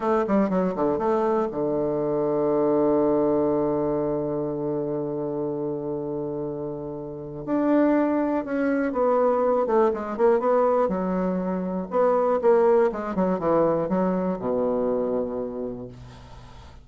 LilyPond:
\new Staff \with { instrumentName = "bassoon" } { \time 4/4 \tempo 4 = 121 a8 g8 fis8 d8 a4 d4~ | d1~ | d1~ | d2. d'4~ |
d'4 cis'4 b4. a8 | gis8 ais8 b4 fis2 | b4 ais4 gis8 fis8 e4 | fis4 b,2. | }